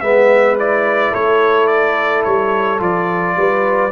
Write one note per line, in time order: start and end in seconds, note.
0.00 1.12 G#3
0.00 0.59 B3
0.00 1.12 B4
0.00 0.56 E5
0.59 2.79 E4
0.59 1.14 D5
1.12 2.25 A3
1.12 3.34 A4
1.12 1.67 C#5
1.67 2.22 D5
2.24 2.80 G3
2.24 2.79 C#5
2.79 3.35 F3
2.79 3.90 F4
2.79 3.91 D5
3.37 3.91 G3
3.37 3.91 B4